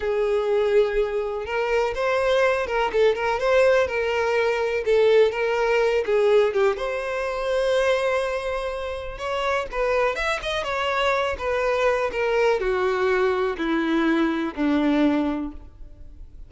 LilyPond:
\new Staff \with { instrumentName = "violin" } { \time 4/4 \tempo 4 = 124 gis'2. ais'4 | c''4. ais'8 a'8 ais'8 c''4 | ais'2 a'4 ais'4~ | ais'8 gis'4 g'8 c''2~ |
c''2. cis''4 | b'4 e''8 dis''8 cis''4. b'8~ | b'4 ais'4 fis'2 | e'2 d'2 | }